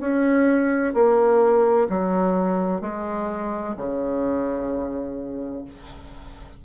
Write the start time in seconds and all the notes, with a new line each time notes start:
0.00 C#4
0.94 A#3
1.89 F#3
2.81 G#3
3.77 C#3